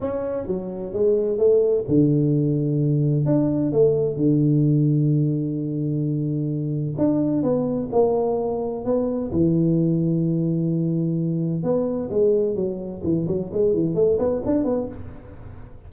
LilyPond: \new Staff \with { instrumentName = "tuba" } { \time 4/4 \tempo 4 = 129 cis'4 fis4 gis4 a4 | d2. d'4 | a4 d2.~ | d2. d'4 |
b4 ais2 b4 | e1~ | e4 b4 gis4 fis4 | e8 fis8 gis8 e8 a8 b8 d'8 b8 | }